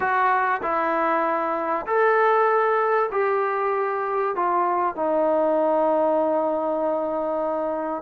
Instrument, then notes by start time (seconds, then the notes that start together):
trombone
0.00 F#4
0.62 E4
1.86 A4
3.11 G4
4.35 F4
4.95 D#4